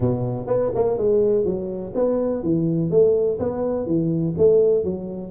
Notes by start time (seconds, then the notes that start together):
0.00 B2
0.47 B3
0.75 A#3
0.97 G#3
1.45 F#3
1.94 B3
2.43 E3
2.90 A3
3.39 B3
3.86 E3
4.37 A3
4.84 F#3